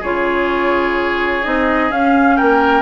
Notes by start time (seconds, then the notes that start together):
0.00 C#3 F4 G#4 C#5
1.43 C4 D#4 D#5
1.90 C#4 F5
2.37 A#3 A#4 G5